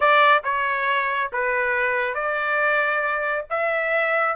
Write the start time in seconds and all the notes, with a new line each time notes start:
0.00 D5
0.43 C#5
1.32 B4
2.14 D5
3.50 E5